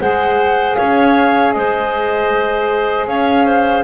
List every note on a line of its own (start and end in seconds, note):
0.00 0.77 G#3
0.00 3.84 G#4
0.00 0.77 C5
0.00 0.75 F#5
0.75 1.56 C#4
0.75 1.54 C#5
0.75 1.52 F5
1.52 3.07 G#3
1.52 3.08 C5
1.52 3.06 D#5
3.07 3.84 C#4
3.07 3.46 C#5
3.07 3.84 F5
3.46 3.84 C5